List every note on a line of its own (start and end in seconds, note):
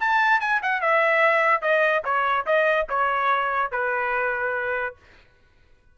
0.00 0.40 A5
0.40 0.61 G#5
0.62 0.81 F#5
0.81 1.61 E5
1.61 2.03 D#5
2.04 2.46 C#5
2.46 2.87 D#5
2.89 3.71 C#5
3.71 4.96 B4